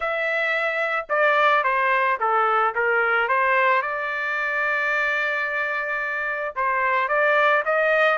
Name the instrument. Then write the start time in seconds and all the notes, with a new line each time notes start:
trumpet
0.00 E5
1.09 D5
1.63 C5
2.19 A4
2.74 A#4
3.28 C5
3.82 D5
6.55 C5
7.08 D5
7.65 D#5